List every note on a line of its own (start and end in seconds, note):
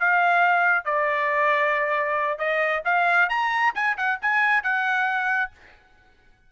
0.00 0.85 F5
0.85 2.39 D5
2.39 2.83 D#5
2.86 3.30 F5
3.30 3.74 A#5
3.75 3.97 G#5
3.98 4.20 F#5
4.22 4.64 G#5
4.64 5.52 F#5